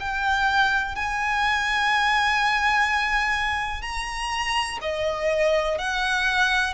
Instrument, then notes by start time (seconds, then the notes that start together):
violin
0.00 G5
0.95 G#5
3.82 A#5
4.82 D#5
5.78 F#5